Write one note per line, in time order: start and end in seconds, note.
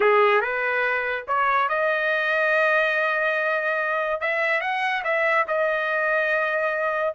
0.00 0.41 G#4
0.41 1.25 B4
1.27 1.69 C#5
1.69 4.20 D#5
4.21 4.61 E5
4.61 5.03 F#5
5.03 5.45 E5
5.47 7.14 D#5